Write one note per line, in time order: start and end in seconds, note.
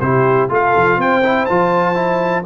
0.00 0.49 C3
0.00 0.49 E4
0.00 0.51 G4
0.00 0.49 C5
0.49 0.74 A3
0.49 1.23 F4
0.49 0.98 A4
0.49 1.01 F5
0.76 0.97 F3
0.97 1.46 C4
0.97 2.45 C5
0.97 1.46 G5
1.24 1.48 E4
1.46 2.46 F3
1.46 1.95 F4
1.46 2.43 A5
1.95 2.43 E4